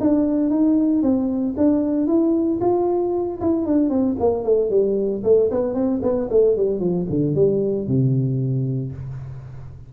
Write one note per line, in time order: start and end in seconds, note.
0.00 0.50 D4
0.50 1.03 D#4
1.03 1.55 C4
1.57 2.07 D4
2.07 2.60 E4
2.61 3.40 F4
3.41 3.66 E4
3.66 3.90 D4
3.90 4.16 C4
4.20 4.44 A#3
4.44 4.70 A3
4.70 5.23 G3
5.24 5.50 A3
5.51 5.74 B3
5.74 6.01 C4
6.02 6.29 B3
6.30 6.56 A3
6.57 6.80 G3
6.80 7.06 F3
7.10 7.35 D3
7.35 7.87 G3
7.87 8.93 C3